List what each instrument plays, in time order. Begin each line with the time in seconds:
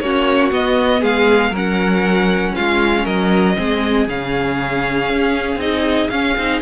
0.00 cello A#3, viola C#4, violin F#4 C#5
0.51 viola B3, cello B3, violin D#5
1.00 cello G#3, violin G#4 F5
1.50 cello F#3, viola C#4, violin A#4
1.56 violin F#5
2.55 cello G#3, violin F4 F5
3.04 cello F#3, violin A#4 D#5
3.56 cello G#3, viola C4, violin G#4
4.08 cello C#3, viola C#4, violin F5
5.09 cello C#4
5.56 cello C4, viola D#4, violin D#5
6.09 cello C#4, viola C#4, violin F5
6.37 cello C4, viola D#4